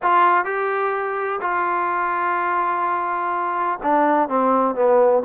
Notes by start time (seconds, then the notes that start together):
0.02 F4
0.44 G4
1.41 F4
3.82 D4
4.29 C4
4.75 B3